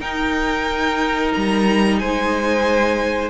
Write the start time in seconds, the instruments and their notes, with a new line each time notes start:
0.00 viola D#4, cello D#4, violin A#4 G5
1.34 cello G3, violin A#5
1.99 cello G#3, violin C5 G#5